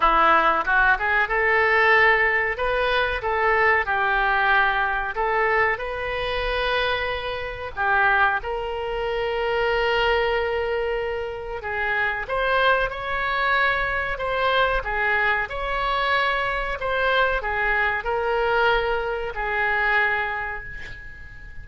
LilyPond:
\new Staff \with { instrumentName = "oboe" } { \time 4/4 \tempo 4 = 93 e'4 fis'8 gis'8 a'2 | b'4 a'4 g'2 | a'4 b'2. | g'4 ais'2.~ |
ais'2 gis'4 c''4 | cis''2 c''4 gis'4 | cis''2 c''4 gis'4 | ais'2 gis'2 | }